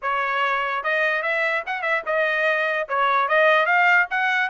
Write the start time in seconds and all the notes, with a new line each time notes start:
0.01 C#5
0.83 D#5
1.22 E5
1.66 F#5
1.81 E5
2.06 D#5
2.88 C#5
3.28 D#5
3.65 F5
4.10 F#5